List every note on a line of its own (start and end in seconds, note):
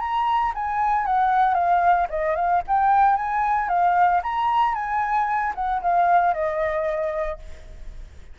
0.00 0.53 A#5
0.55 1.06 G#5
1.06 1.54 F#5
1.54 2.07 F5
2.09 2.35 D#5
2.35 2.62 F5
2.67 3.16 G5
3.16 3.69 G#5
3.69 4.21 F5
4.23 4.74 A#5
4.74 5.53 G#5
5.55 5.81 F#5
5.82 6.34 F5
6.34 7.39 D#5